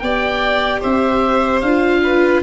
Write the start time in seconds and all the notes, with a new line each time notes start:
0.00 B3 G4 D5 G5
0.81 C4 C5 E5
1.61 D4 F5
1.67 F4
2.04 B4